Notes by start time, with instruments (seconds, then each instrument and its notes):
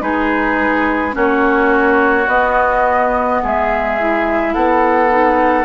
0.00 bassoon G#3, clarinet D#4, oboe G#4, flute B4
1.12 bassoon A#3, clarinet C#4, oboe F#4, flute C#5
2.27 bassoon B3, clarinet B3, flute D#5
3.43 bassoon G#3, oboe G#4, flute E5
3.99 clarinet E4
4.54 bassoon B3, oboe A4, flute F#5
5.10 clarinet D#4